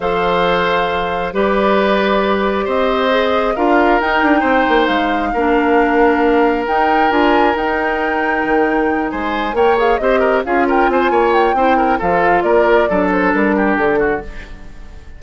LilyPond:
<<
  \new Staff \with { instrumentName = "flute" } { \time 4/4 \tempo 4 = 135 f''2. d''4~ | d''2 dis''2 | f''4 g''2 f''4~ | f''2. g''4 |
gis''4 g''2.~ | g''8 gis''4 g''8 f''8 dis''4 f''8 | g''8 gis''4 g''4. f''4 | d''4. c''8 ais'4 a'4 | }
  \new Staff \with { instrumentName = "oboe" } { \time 4/4 c''2. b'4~ | b'2 c''2 | ais'2 c''2 | ais'1~ |
ais'1~ | ais'8 c''4 cis''4 c''8 ais'8 gis'8 | ais'8 c''8 cis''4 c''8 ais'8 a'4 | ais'4 a'4. g'4 fis'8 | }
  \new Staff \with { instrumentName = "clarinet" } { \time 4/4 a'2. g'4~ | g'2. gis'4 | f'4 dis'2. | d'2. dis'4 |
f'4 dis'2.~ | dis'4. ais'8 gis'8 g'4 f'8~ | f'2 e'4 f'4~ | f'4 d'2. | }
  \new Staff \with { instrumentName = "bassoon" } { \time 4/4 f2. g4~ | g2 c'2 | d'4 dis'8 d'8 c'8 ais8 gis4 | ais2. dis'4 |
d'4 dis'2 dis4~ | dis8 gis4 ais4 c'4 cis'8~ | cis'8 c'8 ais4 c'4 f4 | ais4 fis4 g4 d4 | }
>>